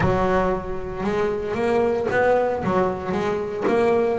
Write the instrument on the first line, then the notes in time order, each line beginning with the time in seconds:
double bass
0.00 F#3
1.03 G#3
1.54 A#3
2.10 B3
2.63 F#3
3.11 G#3
3.67 A#3